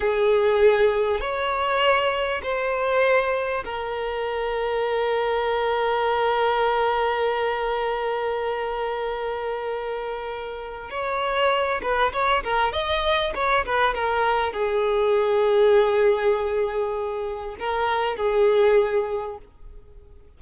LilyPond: \new Staff \with { instrumentName = "violin" } { \time 4/4 \tempo 4 = 99 gis'2 cis''2 | c''2 ais'2~ | ais'1~ | ais'1~ |
ais'2 cis''4. b'8 | cis''8 ais'8 dis''4 cis''8 b'8 ais'4 | gis'1~ | gis'4 ais'4 gis'2 | }